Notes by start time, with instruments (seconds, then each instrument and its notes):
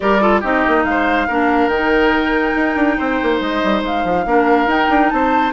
0.00 bassoon G3, clarinet G4, oboe A#4, flute D5
0.20 clarinet F4, oboe A4
0.40 bassoon C4, clarinet D#4, oboe G4, flute D#5
0.67 bassoon A#3
0.84 bassoon G#3, flute F5
0.90 oboe C5
1.27 bassoon A#3, clarinet D4, oboe A#4
1.67 bassoon D#3, clarinet D#4, flute G5
2.55 bassoon D#4
2.75 bassoon D4
2.97 bassoon C4, oboe C5
3.22 bassoon A#3
3.39 bassoon G#3, flute D#5
3.63 bassoon G3
3.82 bassoon G#3, flute F5
4.04 bassoon F3
4.25 bassoon A#3, clarinet D4, oboe A#4
4.66 bassoon D#4, clarinet D#4, flute G5
4.89 bassoon D4
5.09 bassoon C4, oboe C5, flute A5